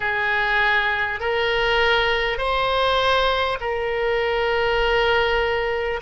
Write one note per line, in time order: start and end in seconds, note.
0.00 1.19 G#4
1.20 2.38 A#4
2.38 3.58 C5
3.60 6.00 A#4